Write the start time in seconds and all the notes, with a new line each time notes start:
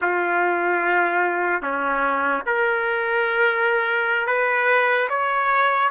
0.01 F4
1.62 C#4
2.45 A#4
4.26 B4
5.09 C#5